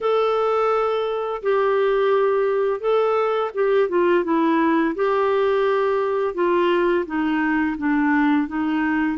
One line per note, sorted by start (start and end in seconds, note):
0.01 1.42 A4
1.42 2.80 G4
2.80 3.50 A4
3.54 3.88 G4
3.88 4.24 F4
4.24 4.94 E4
4.95 6.34 G4
6.34 7.05 F4
7.06 7.76 D#4
7.77 8.47 D4
8.47 9.18 D#4